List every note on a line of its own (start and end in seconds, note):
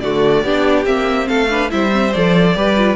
0.00 0.44 D3
0.00 0.46 A3
0.00 0.44 F#4
0.00 0.85 D5
0.44 0.86 B3
0.44 0.85 D4
0.44 1.28 G4
0.85 1.28 A#3
0.85 1.49 C4
0.85 1.28 E5
1.28 1.72 A3
1.28 1.50 A4
1.28 1.70 F5
1.50 1.70 D4
1.50 1.71 B4
1.70 2.15 G3
1.70 1.91 E4
1.70 2.57 C5
1.70 2.13 E5
1.92 2.13 C4
2.13 2.56 F3
2.13 2.55 A4
2.13 2.96 D5
2.55 2.96 G3
2.55 2.76 G4
2.55 2.96 B4
2.77 2.96 F4